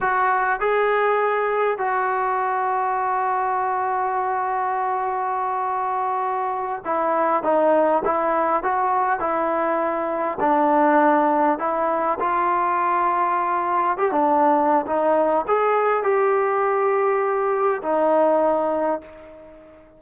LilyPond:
\new Staff \with { instrumentName = "trombone" } { \time 4/4 \tempo 4 = 101 fis'4 gis'2 fis'4~ | fis'1~ | fis'2.~ fis'8 e'8~ | e'8 dis'4 e'4 fis'4 e'8~ |
e'4. d'2 e'8~ | e'8 f'2. g'16 d'16~ | d'4 dis'4 gis'4 g'4~ | g'2 dis'2 | }